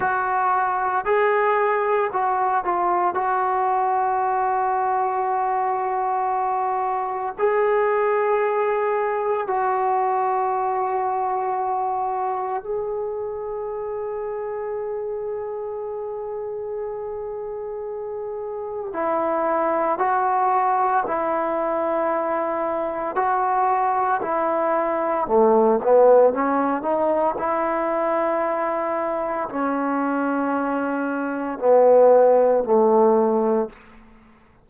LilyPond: \new Staff \with { instrumentName = "trombone" } { \time 4/4 \tempo 4 = 57 fis'4 gis'4 fis'8 f'8 fis'4~ | fis'2. gis'4~ | gis'4 fis'2. | gis'1~ |
gis'2 e'4 fis'4 | e'2 fis'4 e'4 | a8 b8 cis'8 dis'8 e'2 | cis'2 b4 a4 | }